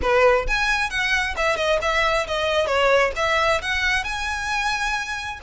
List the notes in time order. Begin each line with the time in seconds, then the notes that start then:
0.01 B4
0.47 G#5
0.89 F#5
1.36 E5
1.56 D#5
1.81 E5
2.27 D#5
2.66 C#5
3.16 E5
3.61 F#5
4.04 G#5